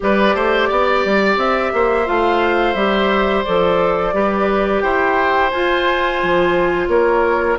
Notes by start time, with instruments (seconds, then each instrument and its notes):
0.00 bassoon G3, clarinet G4, oboe B4, flute D5
0.34 bassoon A3, oboe C5
0.69 bassoon B3, oboe D5
1.05 bassoon G3
1.36 bassoon C4, flute E5
1.73 bassoon A#3, oboe C5
2.06 bassoon A3, clarinet F4, flute F5
2.73 bassoon G3, clarinet G4, flute E5
3.44 bassoon F3, clarinet A4, flute D5
4.13 bassoon G3, clarinet G4, oboe B4
4.80 bassoon E4, oboe C5, flute G5
5.50 bassoon F4, clarinet F4, flute G#5
6.22 bassoon F3
6.88 bassoon A#3, oboe A#4, flute C#5